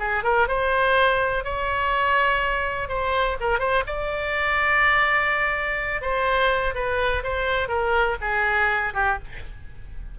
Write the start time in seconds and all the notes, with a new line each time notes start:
0.00 G#4
0.24 A#4
0.48 C5
1.45 C#5
2.89 C5
3.41 A#4
3.59 C5
3.87 D5
6.02 C5
6.75 B4
7.24 C5
7.68 A#4
8.21 G#4
8.94 G4